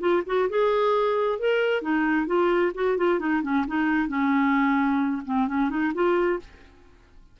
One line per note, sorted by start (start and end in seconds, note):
0.00 0.23 F4
0.26 0.49 F#4
0.50 1.39 G#4
1.39 1.82 A#4
1.82 2.27 D#4
2.27 2.72 F4
2.75 2.97 F#4
2.98 3.19 F4
3.19 3.42 D#4
3.43 3.65 C#4
3.68 4.08 D#4
4.08 5.22 C#4
5.25 5.48 C4
5.48 5.70 C#4
5.70 5.93 D#4
5.94 6.39 F4